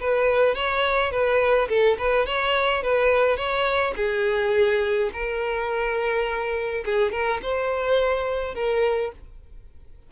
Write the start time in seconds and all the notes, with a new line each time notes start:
0.00 B4
0.55 C#5
1.11 B4
1.69 A4
1.98 B4
2.26 C#5
2.82 B4
3.37 C#5
3.96 G#4
5.13 A#4
6.85 G#4
7.12 A#4
7.42 C5
8.55 A#4